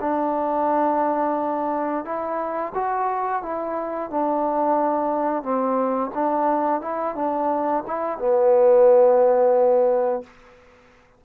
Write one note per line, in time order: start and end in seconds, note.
0.00 2.04 D4
2.04 2.72 E4
2.74 3.42 F#4
3.42 4.10 E4
4.10 5.42 D4
5.42 6.11 C4
6.14 6.81 D4
6.81 7.15 E4
7.15 7.83 D4
7.86 8.18 E4
8.18 10.23 B3